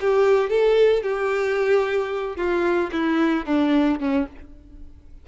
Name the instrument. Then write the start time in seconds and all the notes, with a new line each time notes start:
violin
0.00 G4
0.49 A4
1.02 G4
2.36 F4
2.91 E4
3.45 D4
3.99 C#4